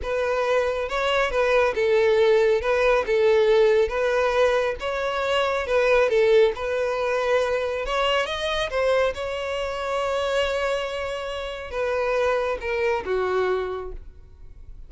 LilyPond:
\new Staff \with { instrumentName = "violin" } { \time 4/4 \tempo 4 = 138 b'2 cis''4 b'4 | a'2 b'4 a'4~ | a'4 b'2 cis''4~ | cis''4 b'4 a'4 b'4~ |
b'2 cis''4 dis''4 | c''4 cis''2.~ | cis''2. b'4~ | b'4 ais'4 fis'2 | }